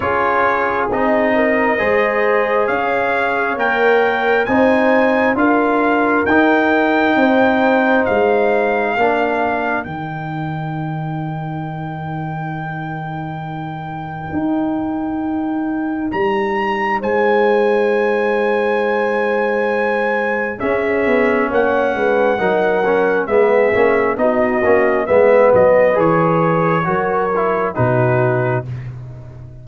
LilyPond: <<
  \new Staff \with { instrumentName = "trumpet" } { \time 4/4 \tempo 4 = 67 cis''4 dis''2 f''4 | g''4 gis''4 f''4 g''4~ | g''4 f''2 g''4~ | g''1~ |
g''2 ais''4 gis''4~ | gis''2. e''4 | fis''2 e''4 dis''4 | e''8 dis''8 cis''2 b'4 | }
  \new Staff \with { instrumentName = "horn" } { \time 4/4 gis'4. ais'8 c''4 cis''4~ | cis''4 c''4 ais'2 | c''2 ais'2~ | ais'1~ |
ais'2. c''4~ | c''2. gis'4 | cis''8 b'8 ais'4 gis'4 fis'4 | b'2 ais'4 fis'4 | }
  \new Staff \with { instrumentName = "trombone" } { \time 4/4 f'4 dis'4 gis'2 | ais'4 dis'4 f'4 dis'4~ | dis'2 d'4 dis'4~ | dis'1~ |
dis'1~ | dis'2. cis'4~ | cis'4 dis'8 cis'8 b8 cis'8 dis'8 cis'8 | b4 gis'4 fis'8 e'8 dis'4 | }
  \new Staff \with { instrumentName = "tuba" } { \time 4/4 cis'4 c'4 gis4 cis'4 | ais4 c'4 d'4 dis'4 | c'4 gis4 ais4 dis4~ | dis1 |
dis'2 g4 gis4~ | gis2. cis'8 b8 | ais8 gis8 fis4 gis8 ais8 b8 ais8 | gis8 fis8 e4 fis4 b,4 | }
>>